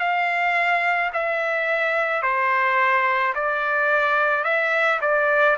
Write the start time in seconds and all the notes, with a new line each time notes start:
0.00 F5
1.14 E5
2.23 C5
3.35 D5
4.44 E5
5.02 D5